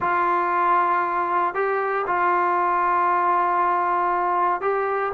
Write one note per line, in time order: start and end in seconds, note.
0.00 1.54 F4
1.54 2.05 G4
2.06 4.61 F4
4.61 5.12 G4